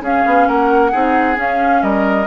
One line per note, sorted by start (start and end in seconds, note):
0.00 0.23 C#4
0.00 0.92 C#4
0.00 0.47 G#4
0.00 0.47 F5
0.25 0.47 B3
0.47 0.92 A#3
0.47 0.91 A#4
0.47 1.37 F#5
0.91 1.37 C4
0.91 1.35 D#4
0.91 1.81 G#4
1.35 2.25 C#4
1.35 1.82 C#4
1.35 1.82 F5
1.82 2.27 G3
1.82 2.27 A#4
1.82 2.27 D#5